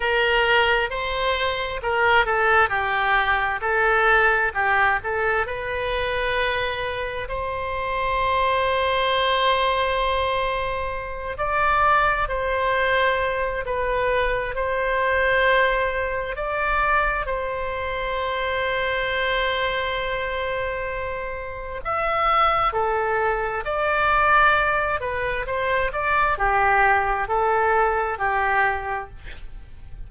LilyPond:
\new Staff \with { instrumentName = "oboe" } { \time 4/4 \tempo 4 = 66 ais'4 c''4 ais'8 a'8 g'4 | a'4 g'8 a'8 b'2 | c''1~ | c''8 d''4 c''4. b'4 |
c''2 d''4 c''4~ | c''1 | e''4 a'4 d''4. b'8 | c''8 d''8 g'4 a'4 g'4 | }